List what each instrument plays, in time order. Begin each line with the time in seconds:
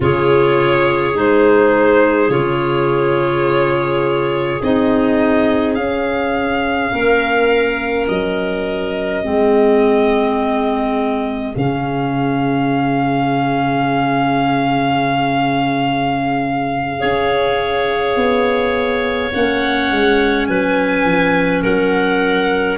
0.00 tuba C#3, clarinet F4 G#4, violin C#5
1.14 tuba G#3, clarinet D#4, violin C5
2.29 tuba C#3, clarinet F4, violin C#5
4.62 tuba C4, clarinet D#4, violin D#5
5.75 tuba C#4, clarinet C#4, violin F5
6.92 tuba A#3, clarinet A#4
8.08 tuba F#3, violin D#5
9.23 tuba G#3, clarinet C4 G#4
11.55 tuba C#3, clarinet C#4, violin F5
16.98 tuba C#4, clarinet G#4 C#5
18.15 tuba B3
19.32 tuba A#3, clarinet C#4, violin F#5
19.91 tuba G#3
20.47 tuba F#3, clarinet B4, violin G#5
21.05 tuba F3
21.62 tuba F#3, clarinet A#4, violin F#5